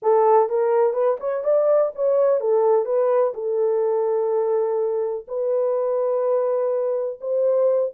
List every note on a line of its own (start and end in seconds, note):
0.02 0.49 A4
0.49 0.93 A#4
0.93 1.17 B4
1.20 1.44 C#5
1.44 1.92 D5
1.95 2.40 C#5
2.40 2.85 A4
2.85 3.33 B4
3.34 5.26 A4
5.27 7.19 B4
7.20 7.92 C5